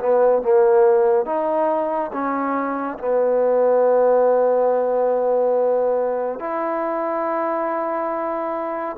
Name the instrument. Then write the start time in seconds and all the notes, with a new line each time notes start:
trombone
0.00 B3
0.42 A#3
1.25 D#4
2.13 C#4
2.99 B3
6.40 E4